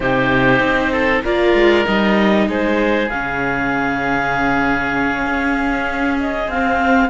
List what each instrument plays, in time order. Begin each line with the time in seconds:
0.00 cello C3, viola D#4, oboe G4, clarinet C5
0.59 cello C4
0.92 oboe A4
1.24 cello A#3, viola F4, oboe A#4, clarinet D5
1.54 cello G#3
1.85 cello G3, viola D#4, clarinet D#5
2.47 cello G#3, oboe G#4, clarinet C5
3.09 cello C#3, viola C#4, clarinet F5
5.26 cello C#4
6.19 clarinet D#5
6.47 cello C4, viola C4, clarinet F5